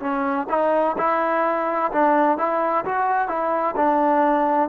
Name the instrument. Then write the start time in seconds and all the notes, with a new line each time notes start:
trombone
0.00 C#4
0.49 D#4
0.98 E4
1.92 D4
2.38 E4
2.85 F#4
3.28 E4
3.76 D4